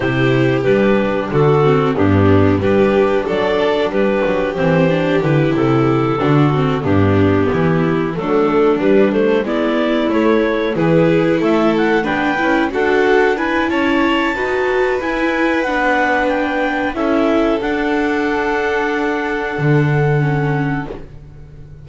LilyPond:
<<
  \new Staff \with { instrumentName = "clarinet" } { \time 4/4 \tempo 4 = 92 c''4 b'4 a'4 g'4 | b'4 d''4 b'4 c''4 | b'8 a'2 g'4.~ | g'8 a'4 b'8 c''8 d''4 cis''8~ |
cis''8 b'4 e''8 fis''8 g''4 fis''8~ | fis''8 gis''8 a''2 gis''4 | fis''4 g''4 e''4 fis''4~ | fis''1 | }
  \new Staff \with { instrumentName = "violin" } { \time 4/4 g'2 fis'4 d'4 | g'4 a'4 g'2~ | g'4. fis'4 d'4 e'8~ | e'8 d'2 e'4.~ |
e'8 gis'4 a'4 b'4 a'8~ | a'8 b'8 cis''4 b'2~ | b'2 a'2~ | a'1 | }
  \new Staff \with { instrumentName = "viola" } { \time 4/4 e'4 d'4. c'8 b4 | d'2. c'8 d'8 | e'4. d'8 c'8 b4.~ | b8 a4 g8 a8 b4 a8~ |
a8 e'2 d'8 e'8 fis'8~ | fis'8 e'4. fis'4 e'4 | d'2 e'4 d'4~ | d'2. cis'4 | }
  \new Staff \with { instrumentName = "double bass" } { \time 4/4 c4 g4 d4 g,4 | g4 fis4 g8 fis8 e4 | d8 c4 d4 g,4 e8~ | e8 fis4 g4 gis4 a8~ |
a8 e4 a4 b8 cis'8 d'8~ | d'4 cis'4 dis'4 e'4 | b2 cis'4 d'4~ | d'2 d2 | }
>>